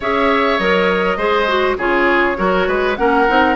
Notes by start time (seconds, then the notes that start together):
0.00 C#4 G#4 C#5 E5
0.59 F#3 A#4 D#5
1.17 G#3 G#4 C5
1.48 F#4
1.77 C#3 F4 G#4 C#5
2.36 F#3 F#4 A#4
2.67 G#3 B4
2.95 A#3 C#4 A#4 F#5
3.28 C4 D#4